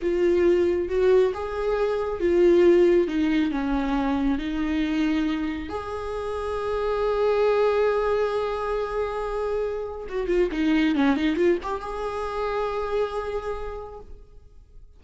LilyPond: \new Staff \with { instrumentName = "viola" } { \time 4/4 \tempo 4 = 137 f'2 fis'4 gis'4~ | gis'4 f'2 dis'4 | cis'2 dis'2~ | dis'4 gis'2.~ |
gis'1~ | gis'2. fis'8 f'8 | dis'4 cis'8 dis'8 f'8 g'8 gis'4~ | gis'1 | }